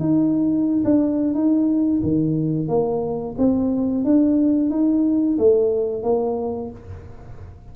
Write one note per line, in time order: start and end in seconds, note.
0.00 0.84 D#4
0.85 1.34 D4
1.34 2.02 D#4
2.03 2.68 D#3
2.68 3.36 A#3
3.39 4.05 C4
4.05 4.70 D4
4.70 5.38 D#4
5.38 6.03 A3
6.03 6.71 A#3